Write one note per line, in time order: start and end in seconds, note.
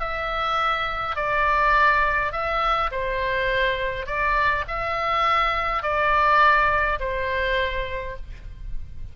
0.00 1.16 E5
1.16 2.32 D5
2.32 2.91 E5
2.92 4.06 C5
4.06 4.65 D5
4.68 5.83 E5
5.83 6.99 D5
7.00 8.17 C5